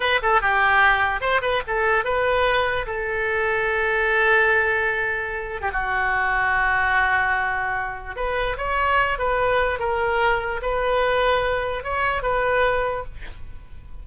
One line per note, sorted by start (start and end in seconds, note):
0.00 0.20 B4
0.22 0.41 A4
0.41 1.20 G4
1.20 1.41 C5
1.41 1.62 B4
1.67 2.04 A4
2.04 2.86 B4
2.86 5.61 A4
5.61 5.71 G4
5.72 8.16 F#4
8.16 8.56 B4
8.57 9.18 C#5
9.18 9.79 B4
9.79 10.60 A#4
10.61 11.83 B4
11.83 12.22 C#5
12.22 13.04 B4